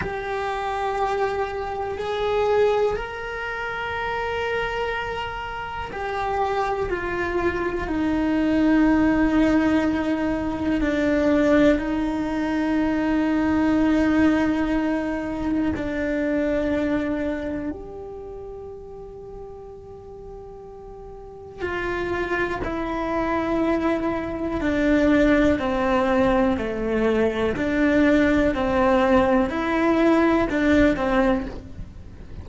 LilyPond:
\new Staff \with { instrumentName = "cello" } { \time 4/4 \tempo 4 = 61 g'2 gis'4 ais'4~ | ais'2 g'4 f'4 | dis'2. d'4 | dis'1 |
d'2 g'2~ | g'2 f'4 e'4~ | e'4 d'4 c'4 a4 | d'4 c'4 e'4 d'8 c'8 | }